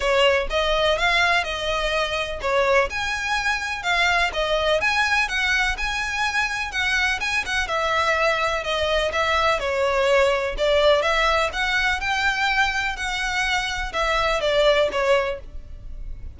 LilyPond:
\new Staff \with { instrumentName = "violin" } { \time 4/4 \tempo 4 = 125 cis''4 dis''4 f''4 dis''4~ | dis''4 cis''4 gis''2 | f''4 dis''4 gis''4 fis''4 | gis''2 fis''4 gis''8 fis''8 |
e''2 dis''4 e''4 | cis''2 d''4 e''4 | fis''4 g''2 fis''4~ | fis''4 e''4 d''4 cis''4 | }